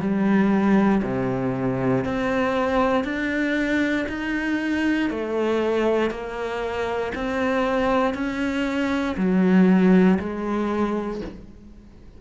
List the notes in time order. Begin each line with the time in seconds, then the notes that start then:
0.00 G3
1.03 C3
2.04 C4
3.04 D4
4.08 D#4
5.10 A3
6.11 A#3
7.15 C4
8.14 C#4
9.17 F#3
10.19 G#3